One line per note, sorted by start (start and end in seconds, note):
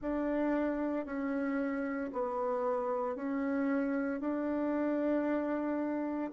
0.01 1.05 D4
1.05 2.11 C#4
2.12 3.15 B3
3.15 4.20 C#4
4.20 6.31 D4